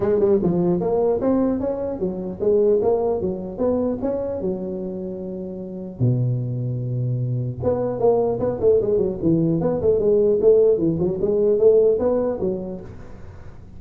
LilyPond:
\new Staff \with { instrumentName = "tuba" } { \time 4/4 \tempo 4 = 150 gis8 g8 f4 ais4 c'4 | cis'4 fis4 gis4 ais4 | fis4 b4 cis'4 fis4~ | fis2. b,4~ |
b,2. b4 | ais4 b8 a8 gis8 fis8 e4 | b8 a8 gis4 a4 e8 fis8 | gis4 a4 b4 fis4 | }